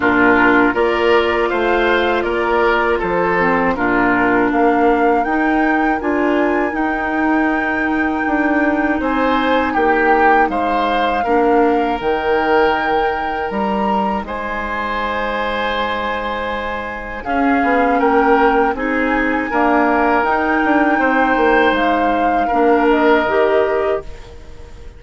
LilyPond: <<
  \new Staff \with { instrumentName = "flute" } { \time 4/4 \tempo 4 = 80 ais'4 d''4 f''4 d''4 | c''4 ais'4 f''4 g''4 | gis''4 g''2. | gis''4 g''4 f''2 |
g''2 ais''4 gis''4~ | gis''2. f''4 | g''4 gis''2 g''4~ | g''4 f''4. dis''4. | }
  \new Staff \with { instrumentName = "oboe" } { \time 4/4 f'4 ais'4 c''4 ais'4 | a'4 f'4 ais'2~ | ais'1 | c''4 g'4 c''4 ais'4~ |
ais'2. c''4~ | c''2. gis'4 | ais'4 gis'4 ais'2 | c''2 ais'2 | }
  \new Staff \with { instrumentName = "clarinet" } { \time 4/4 d'4 f'2.~ | f'8 c'8 d'2 dis'4 | f'4 dis'2.~ | dis'2. d'4 |
dis'1~ | dis'2. cis'4~ | cis'4 dis'4 ais4 dis'4~ | dis'2 d'4 g'4 | }
  \new Staff \with { instrumentName = "bassoon" } { \time 4/4 ais,4 ais4 a4 ais4 | f4 ais,4 ais4 dis'4 | d'4 dis'2 d'4 | c'4 ais4 gis4 ais4 |
dis2 g4 gis4~ | gis2. cis'8 b8 | ais4 c'4 d'4 dis'8 d'8 | c'8 ais8 gis4 ais4 dis4 | }
>>